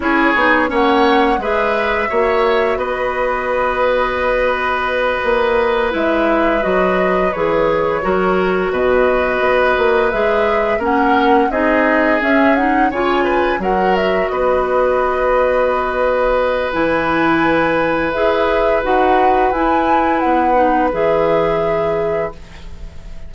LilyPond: <<
  \new Staff \with { instrumentName = "flute" } { \time 4/4 \tempo 4 = 86 cis''4 fis''4 e''2 | dis''1~ | dis''8 e''4 dis''4 cis''4.~ | cis''8 dis''2 e''4 fis''8~ |
fis''8 dis''4 e''8 fis''8 gis''4 fis''8 | e''8 dis''2.~ dis''8 | gis''2 e''4 fis''4 | gis''4 fis''4 e''2 | }
  \new Staff \with { instrumentName = "oboe" } { \time 4/4 gis'4 cis''4 b'4 cis''4 | b'1~ | b'2.~ b'8 ais'8~ | ais'8 b'2. ais'8~ |
ais'8 gis'2 cis''8 b'8 ais'8~ | ais'8 b'2.~ b'8~ | b'1~ | b'1 | }
  \new Staff \with { instrumentName = "clarinet" } { \time 4/4 e'8 dis'8 cis'4 gis'4 fis'4~ | fis'1~ | fis'8 e'4 fis'4 gis'4 fis'8~ | fis'2~ fis'8 gis'4 cis'8~ |
cis'8 dis'4 cis'8 dis'8 f'4 fis'8~ | fis'1 | e'2 gis'4 fis'4 | e'4. dis'8 gis'2 | }
  \new Staff \with { instrumentName = "bassoon" } { \time 4/4 cis'8 b8 ais4 gis4 ais4 | b2.~ b8 ais8~ | ais8 gis4 fis4 e4 fis8~ | fis8 b,4 b8 ais8 gis4 ais8~ |
ais8 c'4 cis'4 cis4 fis8~ | fis8 b2.~ b8 | e2 e'4 dis'4 | e'4 b4 e2 | }
>>